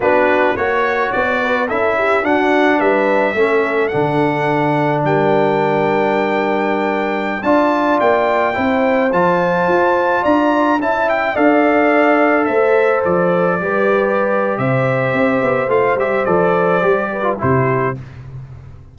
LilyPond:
<<
  \new Staff \with { instrumentName = "trumpet" } { \time 4/4 \tempo 4 = 107 b'4 cis''4 d''4 e''4 | fis''4 e''2 fis''4~ | fis''4 g''2.~ | g''4~ g''16 a''4 g''4.~ g''16~ |
g''16 a''2 ais''4 a''8 g''16~ | g''16 f''2 e''4 d''8.~ | d''2 e''2 | f''8 e''8 d''2 c''4 | }
  \new Staff \with { instrumentName = "horn" } { \time 4/4 fis'4 cis''4. b'8 a'8 g'8 | fis'4 b'4 a'2~ | a'4 ais'2.~ | ais'4~ ais'16 d''2 c''8.~ |
c''2~ c''16 d''4 e''8.~ | e''16 d''2 c''4.~ c''16~ | c''16 b'4.~ b'16 c''2~ | c''2~ c''8 b'8 g'4 | }
  \new Staff \with { instrumentName = "trombone" } { \time 4/4 d'4 fis'2 e'4 | d'2 cis'4 d'4~ | d'1~ | d'4~ d'16 f'2 e'8.~ |
e'16 f'2. e'8.~ | e'16 a'2.~ a'8.~ | a'16 g'2.~ g'8. | f'8 g'8 a'4 g'8. f'16 e'4 | }
  \new Staff \with { instrumentName = "tuba" } { \time 4/4 b4 ais4 b4 cis'4 | d'4 g4 a4 d4~ | d4 g2.~ | g4~ g16 d'4 ais4 c'8.~ |
c'16 f4 f'4 d'4 cis'8.~ | cis'16 d'2 a4 f8.~ | f16 g4.~ g16 c4 c'8 b8 | a8 g8 f4 g4 c4 | }
>>